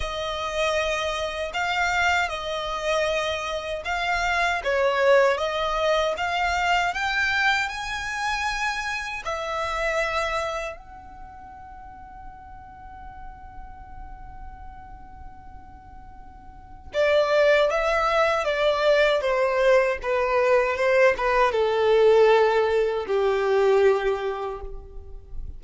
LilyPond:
\new Staff \with { instrumentName = "violin" } { \time 4/4 \tempo 4 = 78 dis''2 f''4 dis''4~ | dis''4 f''4 cis''4 dis''4 | f''4 g''4 gis''2 | e''2 fis''2~ |
fis''1~ | fis''2 d''4 e''4 | d''4 c''4 b'4 c''8 b'8 | a'2 g'2 | }